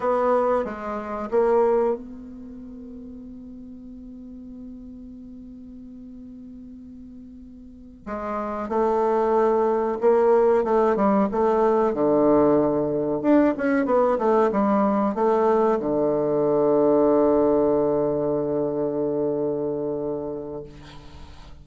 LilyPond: \new Staff \with { instrumentName = "bassoon" } { \time 4/4 \tempo 4 = 93 b4 gis4 ais4 b4~ | b1~ | b1~ | b8 gis4 a2 ais8~ |
ais8 a8 g8 a4 d4.~ | d8 d'8 cis'8 b8 a8 g4 a8~ | a8 d2.~ d8~ | d1 | }